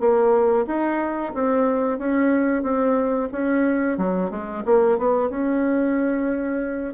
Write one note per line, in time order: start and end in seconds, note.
0.00 0.66 A#3
0.67 1.33 D#4
1.34 1.99 C4
1.99 2.63 C#4
2.63 3.29 C4
3.32 3.98 C#4
3.98 4.31 F#3
4.31 4.64 G#3
4.65 4.98 A#3
4.98 5.30 B3
5.30 6.94 C#4